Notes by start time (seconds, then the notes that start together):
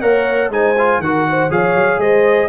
0.00 A#3 A#4 C#5 F#5
0.49 G#3 D#4 C5 G#5
0.78 F4
0.98 D#3 F#4 A#4 F#5
1.29 C5
1.50 F3 G#4 C#5 F5
1.74 F#3
1.97 G#3 C5 D#5